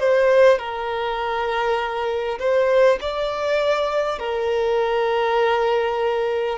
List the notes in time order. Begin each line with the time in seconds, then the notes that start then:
0.00 C5
0.58 A#4
2.39 C5
3.01 D5
4.19 A#4